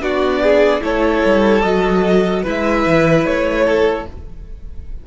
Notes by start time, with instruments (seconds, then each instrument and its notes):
0.00 cello B3, viola D4, violin F#4 D5
0.42 violin G#4
0.81 cello A3, viola E4, violin A4 C#5
1.25 cello G3
1.62 cello F#3, viola F#4, violin D#5
2.42 cello G#3, viola E4, violin B4
2.49 violin E5
2.86 cello E3
3.25 cello A3, violin C#5
3.65 violin A4